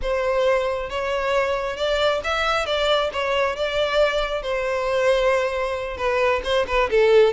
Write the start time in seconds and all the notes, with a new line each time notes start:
0.02 C5
0.89 C#5
1.76 D5
2.23 E5
2.65 D5
3.12 C#5
3.56 D5
4.42 C5
5.97 B4
6.43 C5
6.67 B4
6.90 A4